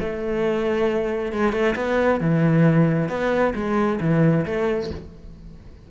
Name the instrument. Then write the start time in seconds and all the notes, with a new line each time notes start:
cello
0.00 A3
1.32 G#3
1.53 A3
1.76 B3
2.21 E3
3.09 B3
3.55 G#3
4.01 E3
4.46 A3